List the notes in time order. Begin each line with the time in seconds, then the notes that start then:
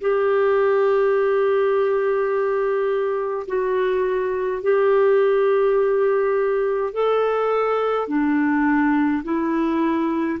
0.00 G4
3.47 F#4
4.62 G4
6.93 A4
8.07 D4
9.24 E4